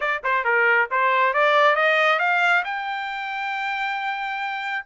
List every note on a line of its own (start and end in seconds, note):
0.00 0.22 D5
0.23 0.44 C5
0.44 0.88 A#4
0.90 1.33 C5
1.33 1.75 D5
1.75 2.19 D#5
2.19 2.63 F5
2.64 4.85 G5